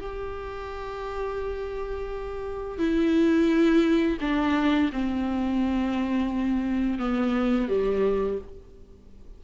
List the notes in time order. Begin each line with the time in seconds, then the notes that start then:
0.00 G4
2.78 E4
4.21 D4
4.92 C4
6.99 B3
7.68 G3